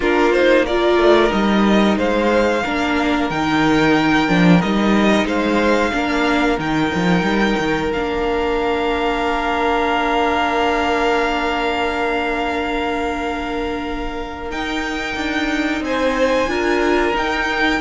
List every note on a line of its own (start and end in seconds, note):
0.00 0.97 A#3
0.00 0.33 D4
0.00 0.64 F4
0.00 0.32 A#4
0.32 0.67 D#4
0.32 0.65 C5
0.66 1.29 F4
0.66 1.97 A#4
0.66 1.32 D5
0.97 1.30 A3
1.29 1.97 G3
1.29 2.61 D#4
1.29 1.98 D#5
1.97 2.63 G#3
1.97 2.63 C5
1.97 3.29 F5
2.63 3.30 A#3
2.63 3.31 D4
2.63 5.26 A#4
3.29 4.28 D#3
3.29 4.27 D#4
3.29 4.61 G5
4.27 4.61 F3
4.27 4.60 D4
4.61 5.24 G3
4.61 5.91 D#4
4.61 5.27 D#5
5.24 5.90 G#3
5.24 5.92 C5
5.24 6.59 F5
5.91 6.58 A#3
5.91 6.57 D4
5.91 15.83 A#4
6.58 6.91 D#3
6.58 7.90 D#4
6.58 7.92 G5
6.95 7.22 F3
7.22 7.55 G3
7.59 7.92 D#3
7.92 14.52 A#3
7.92 14.50 D4
7.92 14.50 F5
14.50 16.48 D#4
14.50 15.16 D#4
14.50 15.82 G5
15.16 15.80 D4
15.80 16.46 C4
15.80 16.50 C5
15.80 17.16 G#5
16.47 17.13 D4
16.47 17.14 F4
16.47 17.80 A#4
17.14 17.80 D#4
17.14 17.80 G5